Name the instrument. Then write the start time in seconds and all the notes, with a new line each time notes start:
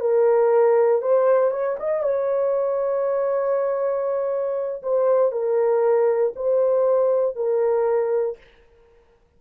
horn
0.00 A#4
1.02 C5
1.51 C#5
1.79 D#5
2.03 C#5
4.83 C5
5.32 A#4
6.36 C5
7.36 A#4